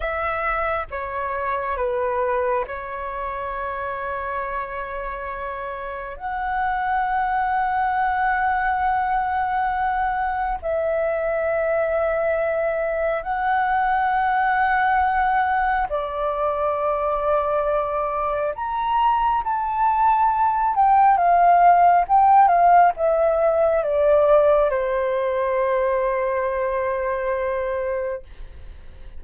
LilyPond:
\new Staff \with { instrumentName = "flute" } { \time 4/4 \tempo 4 = 68 e''4 cis''4 b'4 cis''4~ | cis''2. fis''4~ | fis''1 | e''2. fis''4~ |
fis''2 d''2~ | d''4 ais''4 a''4. g''8 | f''4 g''8 f''8 e''4 d''4 | c''1 | }